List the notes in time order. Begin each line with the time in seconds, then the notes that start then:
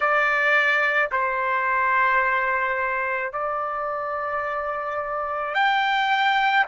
0.00 D5
1.11 C5
3.32 D5
5.54 G5